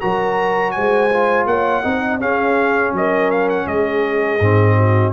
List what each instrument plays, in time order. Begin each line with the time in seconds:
0.00 tuba F#3, trombone F#4, horn A#4, trumpet A#5
0.71 tuba G#3, horn C5, trumpet G#5
1.13 trombone F4
1.45 tuba A#3, horn C#5, trumpet F#5
1.82 tuba C4, trombone D#4, horn D#5
2.20 trombone C#4, tuba C#4, horn G#4, trumpet F5
2.92 tuba F#3, horn A#4, trumpet D#5
3.31 trumpet F5
3.49 trumpet F#5
3.66 tuba G#3, horn G#4, trumpet D#5
4.39 tuba G#2, trombone C4
4.77 horn F#4